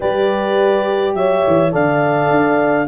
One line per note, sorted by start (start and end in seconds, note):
0.00 1.13 G3
0.00 1.71 G4
0.00 1.15 B4
0.00 1.14 D5
1.13 1.42 F#3
1.13 1.72 C#5
1.13 1.72 E5
1.47 1.74 E3
1.71 2.30 D3
1.71 2.87 A4
1.71 2.87 D5
1.71 2.87 F5
2.30 2.87 D4